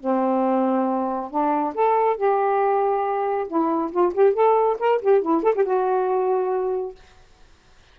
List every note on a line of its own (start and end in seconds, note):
0.00 1.30 C4
1.30 1.74 D4
1.74 2.17 A4
2.17 3.47 G4
3.48 3.91 E4
3.92 4.13 F4
4.14 4.34 G4
4.34 4.77 A4
4.79 5.01 A#4
5.01 5.22 G4
5.22 5.43 E4
5.43 5.54 A4
5.55 5.65 G4
5.65 6.95 F#4